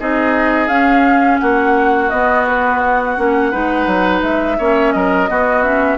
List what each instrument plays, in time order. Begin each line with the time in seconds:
0.00 bassoon C4, clarinet D#4, oboe G#4, flute D#5
0.68 bassoon C#4, clarinet C#4, flute F5
1.39 bassoon A#3, oboe F#4, flute F#5
2.10 bassoon B3, clarinet B3, flute D#5
2.48 flute B4
2.80 flute F#5
3.17 bassoon A#3, clarinet C#4
3.51 bassoon G#3, clarinet D#4, oboe B4
3.87 bassoon F#3
4.23 bassoon G#3, flute E5
4.59 bassoon A#3, clarinet C#4, oboe C#5
4.92 bassoon F#3, oboe A#4, flute D#5
5.29 clarinet B3, bassoon B3, oboe F#4
5.62 clarinet C#4, flute E5